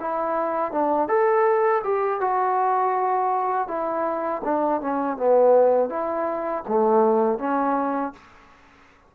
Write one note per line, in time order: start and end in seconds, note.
0.00 0.71 E4
0.71 1.08 D4
1.08 1.82 A4
1.84 2.20 G4
2.20 3.67 F#4
3.67 4.41 E4
4.44 4.81 D4
4.81 5.16 C#4
5.16 5.89 B3
5.89 6.63 E4
6.67 7.38 A3
7.38 8.12 C#4